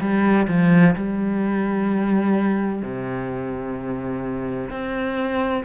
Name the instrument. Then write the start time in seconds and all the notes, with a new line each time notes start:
cello
0.00 G3
0.48 F3
0.95 G3
2.82 C3
4.70 C4